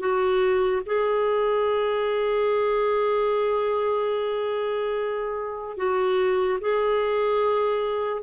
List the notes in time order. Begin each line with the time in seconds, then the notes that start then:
0.00 F#4
0.86 G#4
5.77 F#4
6.61 G#4